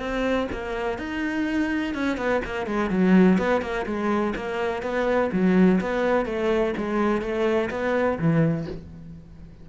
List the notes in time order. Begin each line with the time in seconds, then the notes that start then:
0.00 C4
0.52 A#3
0.99 D#4
1.95 C#4
2.18 B3
2.45 A#3
2.67 G#3
2.91 F#3
3.39 B3
3.62 A#3
3.86 G#3
4.36 A#3
4.83 B3
5.33 F#3
5.81 B3
6.26 A3
6.77 G#3
7.22 A3
7.71 B3
8.19 E3